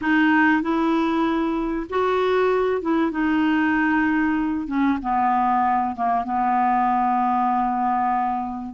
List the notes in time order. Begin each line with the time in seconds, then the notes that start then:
0.01 D#4
0.62 E4
1.89 F#4
2.81 E4
3.11 D#4
4.67 C#4
5.01 B3
5.95 A#3
6.24 B3